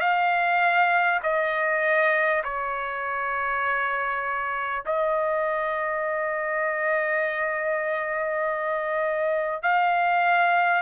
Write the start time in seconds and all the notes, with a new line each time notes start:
0.00 F5
1.23 D#5
2.43 C#5
4.85 D#5
9.62 F5